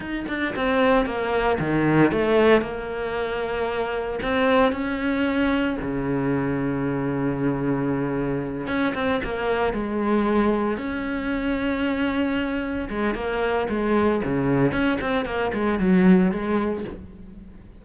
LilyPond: \new Staff \with { instrumentName = "cello" } { \time 4/4 \tempo 4 = 114 dis'8 d'8 c'4 ais4 dis4 | a4 ais2. | c'4 cis'2 cis4~ | cis1~ |
cis8 cis'8 c'8 ais4 gis4.~ | gis8 cis'2.~ cis'8~ | cis'8 gis8 ais4 gis4 cis4 | cis'8 c'8 ais8 gis8 fis4 gis4 | }